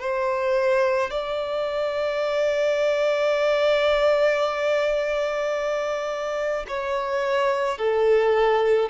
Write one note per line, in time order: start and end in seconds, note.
0.00 1.11 C5
1.11 6.66 D5
6.68 7.78 C#5
7.78 8.89 A4